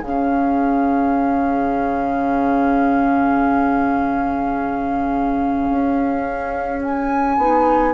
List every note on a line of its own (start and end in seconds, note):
0.00 5.69 C#3
0.00 7.40 C#4
0.00 7.92 G#4
0.00 6.81 F5
5.70 7.38 C#4
6.83 7.94 G#5
7.38 7.94 B3
7.38 7.94 D#4